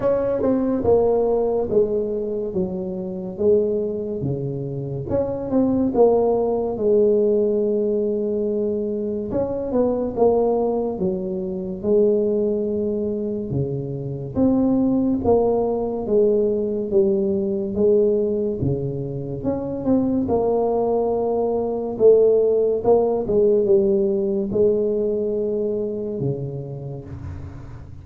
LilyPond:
\new Staff \with { instrumentName = "tuba" } { \time 4/4 \tempo 4 = 71 cis'8 c'8 ais4 gis4 fis4 | gis4 cis4 cis'8 c'8 ais4 | gis2. cis'8 b8 | ais4 fis4 gis2 |
cis4 c'4 ais4 gis4 | g4 gis4 cis4 cis'8 c'8 | ais2 a4 ais8 gis8 | g4 gis2 cis4 | }